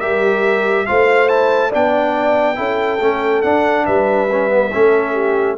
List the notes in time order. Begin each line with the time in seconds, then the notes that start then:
0.00 G3 G4 A#4 E5
0.86 A3 F4 C5 F5
1.28 E4 A5
1.70 B3 D4 D5 G5
2.55 C#4 E4 A4
3.00 A3 C#4
3.42 D4 F#5
3.86 G3 B4 E5
4.32 C#4
4.49 B3
4.72 A3 C#4 A4
5.13 G4